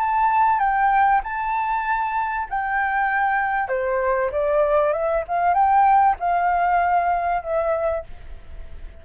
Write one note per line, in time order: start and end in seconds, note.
0.00 0.59 A5
0.59 1.21 G5
1.23 2.47 A5
2.49 3.68 G5
3.68 4.30 C5
4.32 4.93 D5
4.93 5.24 E5
5.28 5.54 F5
5.54 6.16 G5
6.19 7.42 F5
7.42 8.04 E5